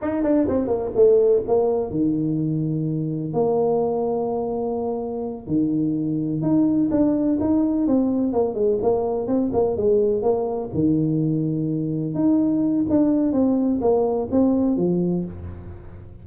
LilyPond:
\new Staff \with { instrumentName = "tuba" } { \time 4/4 \tempo 4 = 126 dis'8 d'8 c'8 ais8 a4 ais4 | dis2. ais4~ | ais2.~ ais8 dis8~ | dis4. dis'4 d'4 dis'8~ |
dis'8 c'4 ais8 gis8 ais4 c'8 | ais8 gis4 ais4 dis4.~ | dis4. dis'4. d'4 | c'4 ais4 c'4 f4 | }